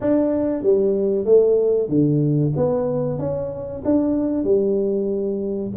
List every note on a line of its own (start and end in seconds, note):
0.01 0.62 D4
0.62 1.25 G3
1.25 1.88 A3
1.88 2.52 D3
2.56 3.18 B3
3.18 3.82 C#4
3.85 4.44 D4
4.44 5.71 G3